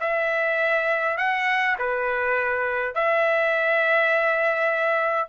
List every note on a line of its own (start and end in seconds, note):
0.00 1.17 E5
1.17 1.76 F#5
1.79 2.94 B4
2.94 5.29 E5